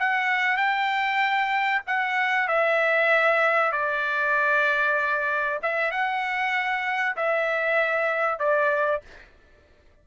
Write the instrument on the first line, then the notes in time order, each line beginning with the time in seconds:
trumpet
0.00 F#5
0.57 G5
1.87 F#5
2.49 E5
3.72 D5
5.63 E5
5.91 F#5
7.17 E5
8.39 D5